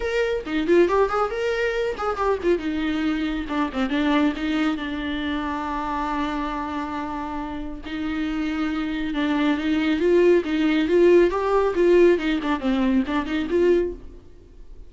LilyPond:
\new Staff \with { instrumentName = "viola" } { \time 4/4 \tempo 4 = 138 ais'4 dis'8 f'8 g'8 gis'8 ais'4~ | ais'8 gis'8 g'8 f'8 dis'2 | d'8 c'8 d'4 dis'4 d'4~ | d'1~ |
d'2 dis'2~ | dis'4 d'4 dis'4 f'4 | dis'4 f'4 g'4 f'4 | dis'8 d'8 c'4 d'8 dis'8 f'4 | }